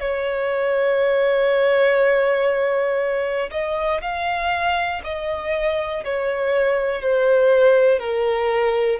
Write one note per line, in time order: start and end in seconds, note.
0.00 3.50 C#5
3.51 4.01 D#5
4.01 5.01 F5
5.04 6.04 D#5
6.04 7.02 C#5
7.02 8.00 C5
8.00 9.00 A#4